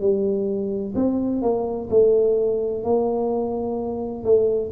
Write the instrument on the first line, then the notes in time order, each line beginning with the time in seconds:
tuba
0.00 G3
0.95 C4
1.42 A#3
1.90 A3
2.84 A#3
4.24 A3